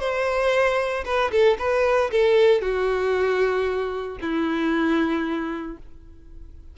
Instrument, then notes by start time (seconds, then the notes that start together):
violin
0.00 C5
1.05 B4
1.31 A4
1.59 B4
2.11 A4
2.62 F#4
4.21 E4